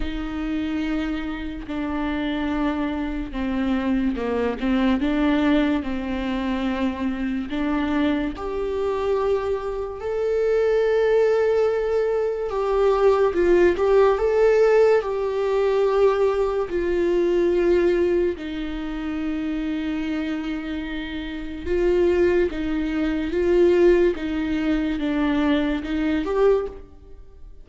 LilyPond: \new Staff \with { instrumentName = "viola" } { \time 4/4 \tempo 4 = 72 dis'2 d'2 | c'4 ais8 c'8 d'4 c'4~ | c'4 d'4 g'2 | a'2. g'4 |
f'8 g'8 a'4 g'2 | f'2 dis'2~ | dis'2 f'4 dis'4 | f'4 dis'4 d'4 dis'8 g'8 | }